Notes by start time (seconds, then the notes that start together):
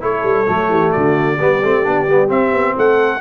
0.00 A3 E4 A4 C#5
0.23 G3
0.46 F#3 A3
0.69 E3 G4
0.92 D3 F#4 D5
1.37 G3 B3 G4
1.62 A3 C4
1.84 B3 D4
2.07 G3 B3
2.28 C4 E5
2.53 B3
2.76 A3 A4 F#5